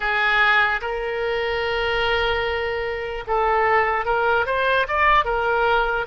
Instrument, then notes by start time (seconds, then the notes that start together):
oboe
0.00 G#4
0.81 A#4
3.27 A4
4.05 A#4
4.46 C5
4.88 D5
5.24 A#4